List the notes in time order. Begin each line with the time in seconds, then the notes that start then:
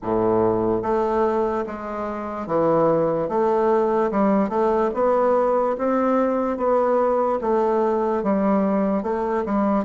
0.02 A2
0.82 A3
1.66 G#3
2.47 E3
3.28 A3
4.11 G3
4.49 A3
4.94 B3
5.78 C4
6.57 B3
7.41 A3
8.23 G3
9.03 A3
9.45 G3